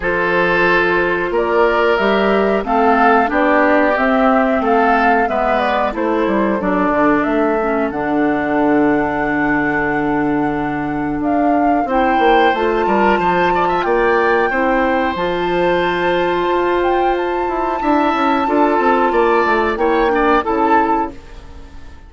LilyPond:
<<
  \new Staff \with { instrumentName = "flute" } { \time 4/4 \tempo 4 = 91 c''2 d''4 e''4 | f''4 d''4 e''4 f''4 | e''8 d''8 c''4 d''4 e''4 | fis''1~ |
fis''4 f''4 g''4 a''4~ | a''4 g''2 a''4~ | a''4. g''8 a''2~ | a''2 g''4 a''4 | }
  \new Staff \with { instrumentName = "oboe" } { \time 4/4 a'2 ais'2 | a'4 g'2 a'4 | b'4 a'2.~ | a'1~ |
a'2 c''4. ais'8 | c''8 d''16 e''16 d''4 c''2~ | c''2. e''4 | a'4 d''4 cis''8 d''8 a'4 | }
  \new Staff \with { instrumentName = "clarinet" } { \time 4/4 f'2. g'4 | c'4 d'4 c'2 | b4 e'4 d'4. cis'8 | d'1~ |
d'2 e'4 f'4~ | f'2 e'4 f'4~ | f'2. e'4 | f'2 e'8 d'8 e'4 | }
  \new Staff \with { instrumentName = "bassoon" } { \time 4/4 f2 ais4 g4 | a4 b4 c'4 a4 | gis4 a8 g8 fis8 d8 a4 | d1~ |
d4 d'4 c'8 ais8 a8 g8 | f4 ais4 c'4 f4~ | f4 f'4. e'8 d'8 cis'8 | d'8 c'8 ais8 a8 ais4 cis4 | }
>>